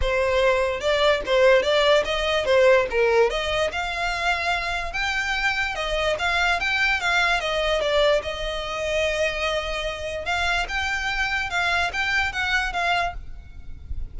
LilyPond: \new Staff \with { instrumentName = "violin" } { \time 4/4 \tempo 4 = 146 c''2 d''4 c''4 | d''4 dis''4 c''4 ais'4 | dis''4 f''2. | g''2 dis''4 f''4 |
g''4 f''4 dis''4 d''4 | dis''1~ | dis''4 f''4 g''2 | f''4 g''4 fis''4 f''4 | }